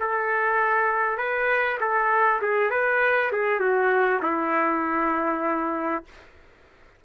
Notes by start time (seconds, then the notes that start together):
0.00 A4
1.18 B4
1.80 A4
2.42 G#4
2.71 B4
3.32 G#4
3.60 F#4
4.23 E4